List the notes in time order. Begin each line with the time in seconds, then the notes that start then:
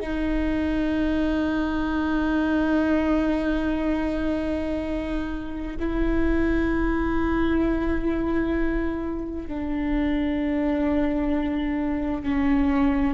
0.00 D#4
5.80 E4
9.47 D4
12.23 C#4